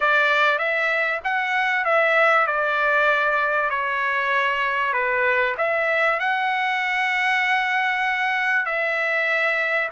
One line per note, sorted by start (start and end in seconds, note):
0.00 0.58 D5
0.58 1.20 E5
1.24 1.84 F#5
1.84 2.46 E5
2.46 3.70 D5
3.70 4.93 C#5
4.93 5.55 B4
5.57 6.19 E5
6.19 8.65 F#5
8.65 9.89 E5